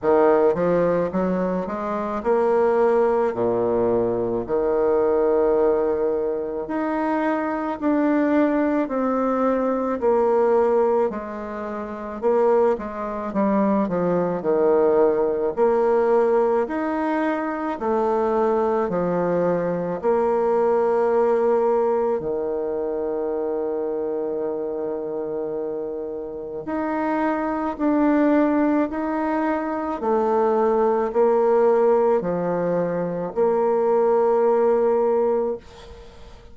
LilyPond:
\new Staff \with { instrumentName = "bassoon" } { \time 4/4 \tempo 4 = 54 dis8 f8 fis8 gis8 ais4 ais,4 | dis2 dis'4 d'4 | c'4 ais4 gis4 ais8 gis8 | g8 f8 dis4 ais4 dis'4 |
a4 f4 ais2 | dis1 | dis'4 d'4 dis'4 a4 | ais4 f4 ais2 | }